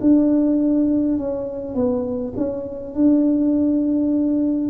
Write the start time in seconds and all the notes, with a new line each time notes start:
0.00 D4
1.18 C#4
1.74 B3
2.36 C#4
2.94 D4